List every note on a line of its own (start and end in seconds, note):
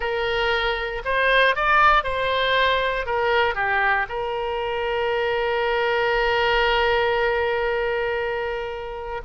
0.00 1.02 A#4
1.05 1.55 C5
1.55 2.03 D5
2.03 3.06 C5
3.06 3.55 A#4
3.55 4.06 G4
4.08 9.21 A#4